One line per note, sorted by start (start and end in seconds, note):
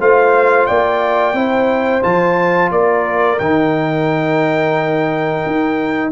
0.00 0.68 A3
0.00 1.35 F4
0.00 0.68 C5
0.00 0.67 F5
0.67 1.34 A#3
0.67 1.36 D5
0.67 2.03 G5
1.34 2.02 C4
1.34 2.02 E4
1.34 2.72 C5
2.02 2.71 F3
2.02 3.38 F4
2.02 2.72 A5
2.71 3.39 A#3
2.71 6.12 A#4
2.71 3.39 D5
3.39 5.45 D#3
3.39 6.12 D#4
3.39 6.12 G5
5.47 6.12 D#4